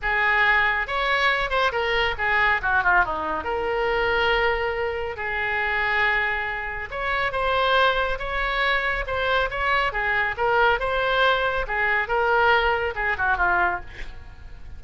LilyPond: \new Staff \with { instrumentName = "oboe" } { \time 4/4 \tempo 4 = 139 gis'2 cis''4. c''8 | ais'4 gis'4 fis'8 f'8 dis'4 | ais'1 | gis'1 |
cis''4 c''2 cis''4~ | cis''4 c''4 cis''4 gis'4 | ais'4 c''2 gis'4 | ais'2 gis'8 fis'8 f'4 | }